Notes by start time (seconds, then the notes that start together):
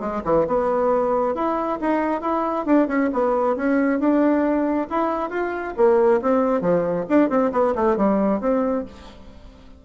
0.00 G#3
0.24 E3
0.48 B3
1.35 E4
1.81 D#4
2.22 E4
2.66 D4
2.88 C#4
3.13 B3
3.56 C#4
4.00 D4
4.90 E4
5.30 F4
5.77 A#3
6.22 C4
6.61 F3
7.09 D4
7.30 C4
7.52 B3
7.75 A3
7.97 G3
8.41 C4